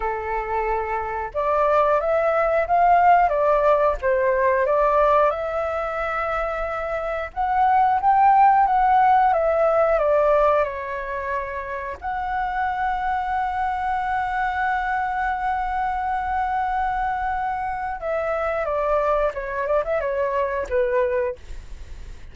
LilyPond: \new Staff \with { instrumentName = "flute" } { \time 4/4 \tempo 4 = 90 a'2 d''4 e''4 | f''4 d''4 c''4 d''4 | e''2. fis''4 | g''4 fis''4 e''4 d''4 |
cis''2 fis''2~ | fis''1~ | fis''2. e''4 | d''4 cis''8 d''16 e''16 cis''4 b'4 | }